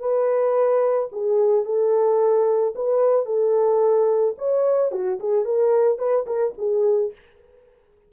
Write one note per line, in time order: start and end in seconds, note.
0.00 1.09 B4
1.13 1.65 G#4
1.65 2.74 A4
2.75 3.26 B4
3.26 4.35 A4
4.38 4.92 C#5
4.92 5.19 F#4
5.20 5.45 G#4
5.45 5.99 A#4
5.99 6.26 B4
6.27 6.54 A#4
6.58 7.13 G#4